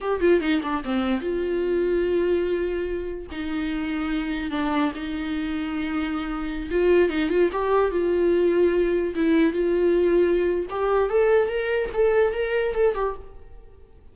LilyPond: \new Staff \with { instrumentName = "viola" } { \time 4/4 \tempo 4 = 146 g'8 f'8 dis'8 d'8 c'4 f'4~ | f'1 | dis'2. d'4 | dis'1~ |
dis'16 f'4 dis'8 f'8 g'4 f'8.~ | f'2~ f'16 e'4 f'8.~ | f'2 g'4 a'4 | ais'4 a'4 ais'4 a'8 g'8 | }